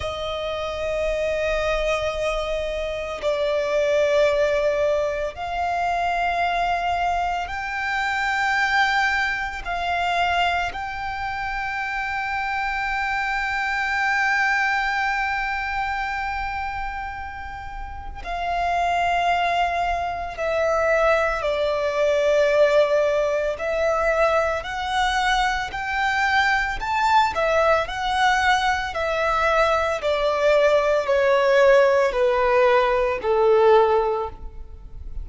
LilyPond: \new Staff \with { instrumentName = "violin" } { \time 4/4 \tempo 4 = 56 dis''2. d''4~ | d''4 f''2 g''4~ | g''4 f''4 g''2~ | g''1~ |
g''4 f''2 e''4 | d''2 e''4 fis''4 | g''4 a''8 e''8 fis''4 e''4 | d''4 cis''4 b'4 a'4 | }